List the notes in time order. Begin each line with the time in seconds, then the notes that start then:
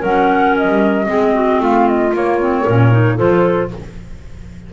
0.00 F#3 C#4 A#4 F#5
0.57 D#5
0.68 G3
1.06 G#3 C4 G#4
1.34 F#4
1.60 A3 F4 F5
1.88 D#5
2.13 A#3 C#5
2.40 C4
2.62 A#2 C#4 A#4
2.91 D#4
3.15 F3 F4 A4 C5